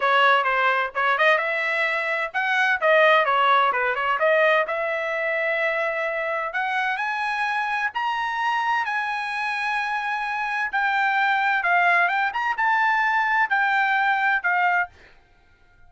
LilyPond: \new Staff \with { instrumentName = "trumpet" } { \time 4/4 \tempo 4 = 129 cis''4 c''4 cis''8 dis''8 e''4~ | e''4 fis''4 dis''4 cis''4 | b'8 cis''8 dis''4 e''2~ | e''2 fis''4 gis''4~ |
gis''4 ais''2 gis''4~ | gis''2. g''4~ | g''4 f''4 g''8 ais''8 a''4~ | a''4 g''2 f''4 | }